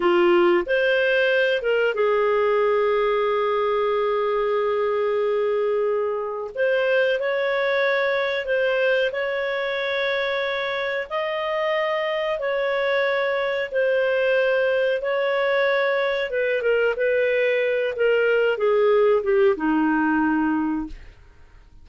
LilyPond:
\new Staff \with { instrumentName = "clarinet" } { \time 4/4 \tempo 4 = 92 f'4 c''4. ais'8 gis'4~ | gis'1~ | gis'2 c''4 cis''4~ | cis''4 c''4 cis''2~ |
cis''4 dis''2 cis''4~ | cis''4 c''2 cis''4~ | cis''4 b'8 ais'8 b'4. ais'8~ | ais'8 gis'4 g'8 dis'2 | }